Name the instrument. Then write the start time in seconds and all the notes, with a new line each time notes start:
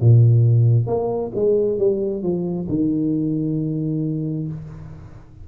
tuba
0.00 A#2
0.86 A#3
1.35 G#3
1.78 G3
2.23 F3
2.69 D#3